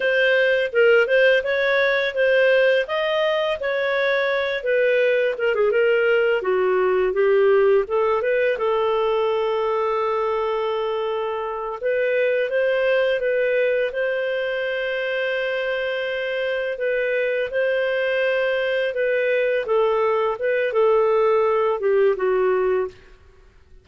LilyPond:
\new Staff \with { instrumentName = "clarinet" } { \time 4/4 \tempo 4 = 84 c''4 ais'8 c''8 cis''4 c''4 | dis''4 cis''4. b'4 ais'16 gis'16 | ais'4 fis'4 g'4 a'8 b'8 | a'1~ |
a'8 b'4 c''4 b'4 c''8~ | c''2.~ c''8 b'8~ | b'8 c''2 b'4 a'8~ | a'8 b'8 a'4. g'8 fis'4 | }